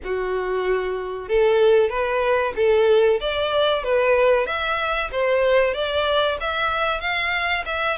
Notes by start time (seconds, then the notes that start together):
0.03 F#4
1.28 A4
1.89 B4
2.56 A4
3.20 D5
3.83 B4
4.46 E5
5.11 C5
5.74 D5
6.40 E5
7.00 F5
7.65 E5